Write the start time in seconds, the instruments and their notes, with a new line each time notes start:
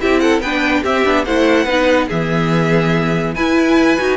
0.00 cello C4, viola E4, violin G4 E5
0.19 violin A4 F#5
0.40 cello B3, viola D4, violin B4 G5
0.82 cello C4, viola C4, violin G4 E5
1.04 cello B3, viola D4
1.25 cello A3, viola E4, violin C5 F#5
1.64 cello B3, viola D#4, violin B4
2.07 cello E3, viola B3, violin G#4 E5
3.35 cello E4, viola E4, violin B4 G#5
3.98 cello D#4, viola F#4